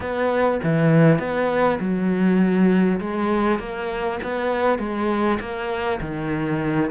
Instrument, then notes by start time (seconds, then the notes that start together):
cello
0.00 B3
0.63 E3
1.18 B3
1.80 F#3
3.00 G#3
3.59 A#3
4.23 B3
4.78 G#3
5.40 A#3
6.01 D#3